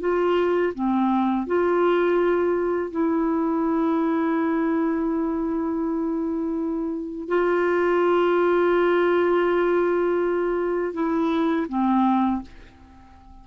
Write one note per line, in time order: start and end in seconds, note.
0.00 0.73 F4
0.74 1.47 C4
1.47 2.91 F4
2.91 7.28 E4
7.28 10.94 F4
10.94 11.67 E4
11.69 12.42 C4